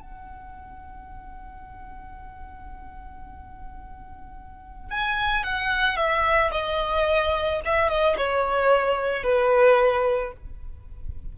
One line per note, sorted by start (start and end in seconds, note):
0.00 4.91 F#5
4.91 5.43 G#5
5.43 5.96 F#5
5.96 6.51 E5
6.51 7.60 D#5
7.65 7.89 E5
7.89 8.16 D#5
8.17 9.23 C#5
9.23 10.32 B4